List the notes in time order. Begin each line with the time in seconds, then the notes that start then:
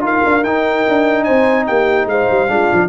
0.00 D#4 F4 A#4
0.06 F5
0.26 D4
0.43 D#4 G5
0.89 D4
1.24 C4 C5 G#5
1.67 A#3 G4 G5
2.06 G#3 C5 F5
2.31 G3
2.49 G#3 D4 F4
2.73 F3